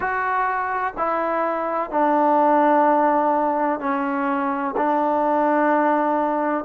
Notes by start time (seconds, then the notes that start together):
0.00 F#4
0.97 E4
1.90 D4
3.79 C#4
4.76 D4